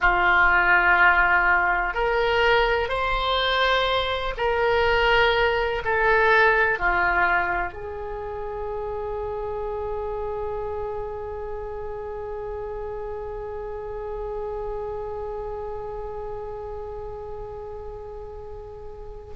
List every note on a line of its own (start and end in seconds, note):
0.00 1.94 F4
1.94 2.89 A#4
2.89 4.34 C5
4.37 5.82 A#4
5.85 6.78 A4
6.78 7.73 F4
7.73 19.34 G#4